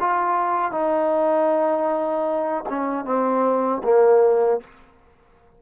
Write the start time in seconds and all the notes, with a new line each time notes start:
0.00 F4
0.71 D#4
2.69 C#4
3.05 C4
3.84 A#3